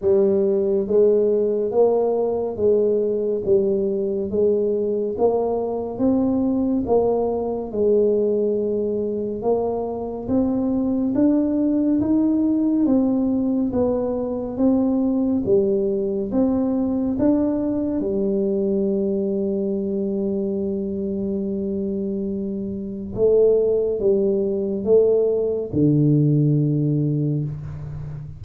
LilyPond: \new Staff \with { instrumentName = "tuba" } { \time 4/4 \tempo 4 = 70 g4 gis4 ais4 gis4 | g4 gis4 ais4 c'4 | ais4 gis2 ais4 | c'4 d'4 dis'4 c'4 |
b4 c'4 g4 c'4 | d'4 g2.~ | g2. a4 | g4 a4 d2 | }